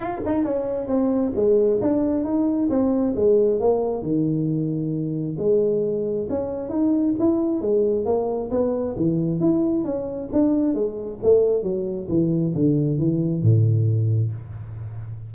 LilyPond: \new Staff \with { instrumentName = "tuba" } { \time 4/4 \tempo 4 = 134 f'8 dis'8 cis'4 c'4 gis4 | d'4 dis'4 c'4 gis4 | ais4 dis2. | gis2 cis'4 dis'4 |
e'4 gis4 ais4 b4 | e4 e'4 cis'4 d'4 | gis4 a4 fis4 e4 | d4 e4 a,2 | }